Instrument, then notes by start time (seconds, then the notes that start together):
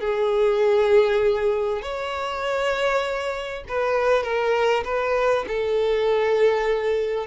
violin
0.00 G#4
1.82 C#5
3.68 B4
4.23 A#4
4.85 B4
5.47 A4